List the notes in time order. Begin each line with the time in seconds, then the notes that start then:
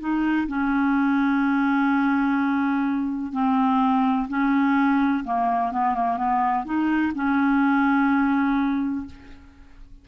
0.00 D#4
0.48 C#4
3.32 C4
4.29 C#4
5.24 A#3
5.72 B3
5.95 A#3
6.17 B3
6.65 D#4
7.15 C#4